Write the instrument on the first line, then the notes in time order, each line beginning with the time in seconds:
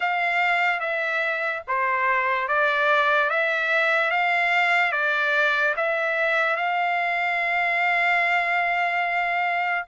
trumpet
0.00 F5
0.80 E5
1.67 C5
2.48 D5
3.30 E5
4.11 F5
4.92 D5
5.76 E5
6.56 F5